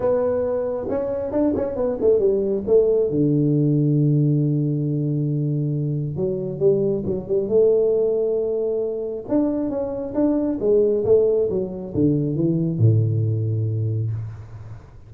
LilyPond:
\new Staff \with { instrumentName = "tuba" } { \time 4/4 \tempo 4 = 136 b2 cis'4 d'8 cis'8 | b8 a8 g4 a4 d4~ | d1~ | d2 fis4 g4 |
fis8 g8 a2.~ | a4 d'4 cis'4 d'4 | gis4 a4 fis4 d4 | e4 a,2. | }